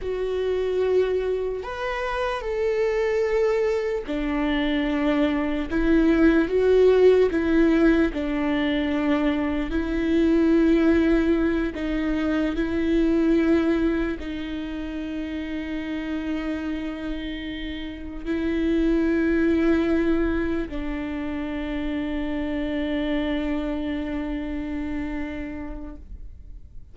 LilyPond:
\new Staff \with { instrumentName = "viola" } { \time 4/4 \tempo 4 = 74 fis'2 b'4 a'4~ | a'4 d'2 e'4 | fis'4 e'4 d'2 | e'2~ e'8 dis'4 e'8~ |
e'4. dis'2~ dis'8~ | dis'2~ dis'8 e'4.~ | e'4. d'2~ d'8~ | d'1 | }